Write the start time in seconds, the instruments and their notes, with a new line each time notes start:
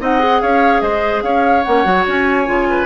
0.00 bassoon C4, clarinet D#4, oboe D#5, flute F#5
0.19 clarinet G#4
0.41 bassoon C#4, oboe C#5, flute F5
0.80 bassoon G#3, oboe C5, flute D#5
1.22 bassoon C#4, oboe C#5, flute F5
1.63 bassoon A#3, clarinet C#4, flute F#5
1.84 bassoon F#3, clarinet F#4
2.07 bassoon C#4, flute G#5
2.45 bassoon C#3, clarinet F4
2.70 oboe B4